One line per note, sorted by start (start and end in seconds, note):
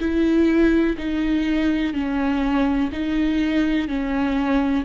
0.00 0.97 E4
0.98 1.94 D#4
1.94 2.91 C#4
2.93 3.88 D#4
3.88 4.85 C#4